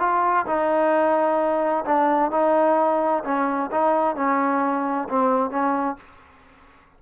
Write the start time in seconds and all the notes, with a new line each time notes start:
0.00 F4
0.46 D#4
1.85 D4
2.31 D#4
3.25 C#4
3.72 D#4
4.16 C#4
5.09 C4
5.51 C#4